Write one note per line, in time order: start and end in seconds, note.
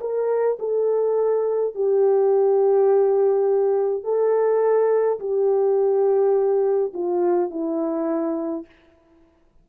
0.00 0.58 A#4
0.59 1.74 A4
1.74 4.03 G4
4.03 5.19 A4
5.19 6.92 G4
6.93 7.50 F4
7.50 8.65 E4